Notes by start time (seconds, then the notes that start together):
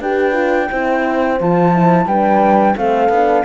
0.00 D4 G4 B4 G5
0.33 F4
0.71 C4 E4 C5
1.39 F3 F4 A5
1.74 E4
2.06 G3 D4 B4 G5
2.77 A3 C4 A4 F5
3.09 B3 D4